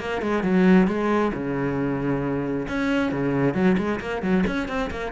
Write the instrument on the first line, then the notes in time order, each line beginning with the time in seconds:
cello
0.00 A#3
0.22 G#3
0.43 F#3
0.87 G#3
1.34 C#3
2.68 C#4
3.12 C#3
3.54 F#3
3.78 G#3
4.00 A#3
4.22 F#3
4.47 C#4
4.68 C4
4.91 A#3